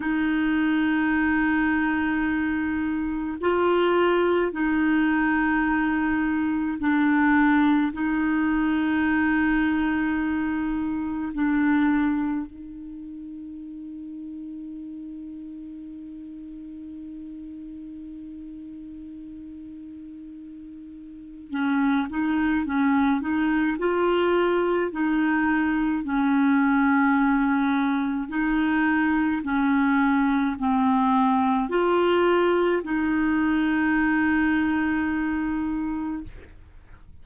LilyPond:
\new Staff \with { instrumentName = "clarinet" } { \time 4/4 \tempo 4 = 53 dis'2. f'4 | dis'2 d'4 dis'4~ | dis'2 d'4 dis'4~ | dis'1~ |
dis'2. cis'8 dis'8 | cis'8 dis'8 f'4 dis'4 cis'4~ | cis'4 dis'4 cis'4 c'4 | f'4 dis'2. | }